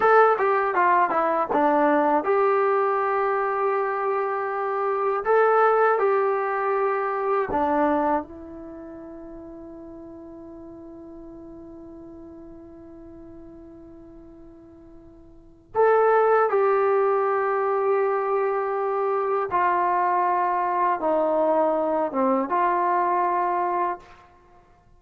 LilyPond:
\new Staff \with { instrumentName = "trombone" } { \time 4/4 \tempo 4 = 80 a'8 g'8 f'8 e'8 d'4 g'4~ | g'2. a'4 | g'2 d'4 e'4~ | e'1~ |
e'1~ | e'4 a'4 g'2~ | g'2 f'2 | dis'4. c'8 f'2 | }